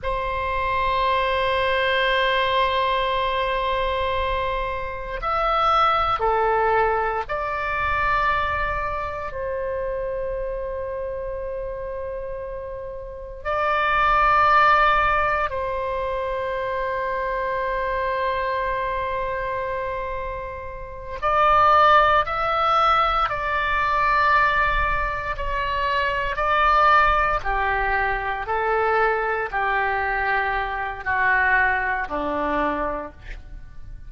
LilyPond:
\new Staff \with { instrumentName = "oboe" } { \time 4/4 \tempo 4 = 58 c''1~ | c''4 e''4 a'4 d''4~ | d''4 c''2.~ | c''4 d''2 c''4~ |
c''1~ | c''8 d''4 e''4 d''4.~ | d''8 cis''4 d''4 g'4 a'8~ | a'8 g'4. fis'4 d'4 | }